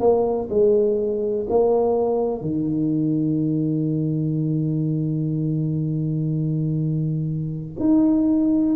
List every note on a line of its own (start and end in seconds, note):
0.00 0.48 A#3
0.50 1.46 G#3
1.50 2.41 A#3
2.41 7.73 D#3
7.79 8.76 D#4